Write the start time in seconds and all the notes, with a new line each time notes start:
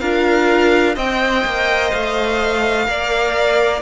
0.00 D4 F4 A#4 F5
0.95 C4 C5 D#5 G5
1.45 A#3
1.91 A3 F5
2.86 A#3 A#4 D5